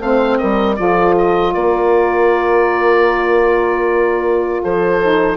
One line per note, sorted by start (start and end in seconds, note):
0.00 0.38 A3
0.00 0.76 C4
0.00 0.40 C5
0.00 0.38 F5
0.38 0.79 G3
0.38 0.79 A#4
0.38 0.76 D#5
0.76 1.55 F3
0.76 4.99 F4
0.76 1.54 A4
0.76 1.14 D5
1.18 1.54 D#5
1.54 4.63 A#3
1.54 4.62 A#4
1.54 4.62 D5
4.62 5.37 F3
4.62 5.37 A4
4.62 5.37 C5
5.02 5.37 D#4